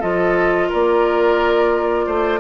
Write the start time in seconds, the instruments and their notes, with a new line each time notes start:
0.00 bassoon F3, clarinet F4, oboe A4, flute D#5
0.69 bassoon A#3, oboe A#4, flute D5
2.07 bassoon A3, oboe C5